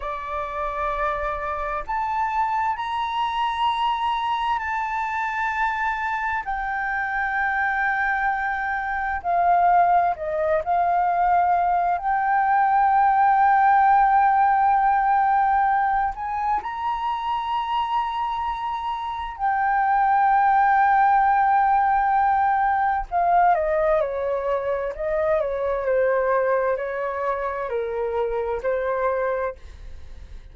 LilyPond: \new Staff \with { instrumentName = "flute" } { \time 4/4 \tempo 4 = 65 d''2 a''4 ais''4~ | ais''4 a''2 g''4~ | g''2 f''4 dis''8 f''8~ | f''4 g''2.~ |
g''4. gis''8 ais''2~ | ais''4 g''2.~ | g''4 f''8 dis''8 cis''4 dis''8 cis''8 | c''4 cis''4 ais'4 c''4 | }